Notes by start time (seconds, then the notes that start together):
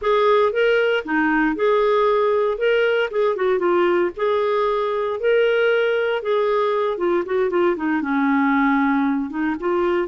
0.01 G#4
0.52 A#4
1.04 D#4
1.55 G#4
2.58 A#4
3.10 G#4
3.36 F#4
3.59 F4
4.16 G#4
5.20 A#4
6.22 G#4
6.97 F4
7.25 F#4
7.50 F4
7.76 D#4
8.01 C#4
9.29 D#4
9.59 F4